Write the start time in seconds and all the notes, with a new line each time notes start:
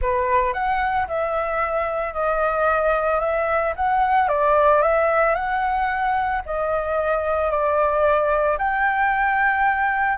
0.01 B4
0.53 F#5
1.07 E5
2.13 D#5
3.20 E5
3.75 F#5
4.28 D5
4.82 E5
5.34 F#5
6.45 D#5
7.50 D5
8.57 G5